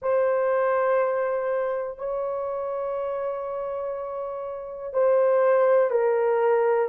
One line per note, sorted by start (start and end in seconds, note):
0.01 1.98 C5
1.98 4.93 C#5
4.93 5.90 C5
5.90 6.88 A#4